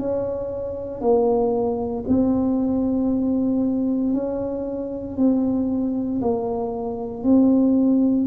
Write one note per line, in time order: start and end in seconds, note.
0.00 1.01 C#4
1.01 2.05 A#3
2.08 4.14 C4
4.14 5.17 C#4
5.17 6.21 C4
6.22 7.24 A#3
7.24 8.28 C4